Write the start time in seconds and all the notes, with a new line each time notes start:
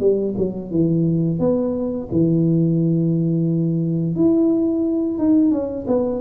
0.00 G3
0.38 F#3
0.71 E3
1.39 B3
2.12 E3
4.16 E4
5.18 D#4
5.51 C#4
5.87 B3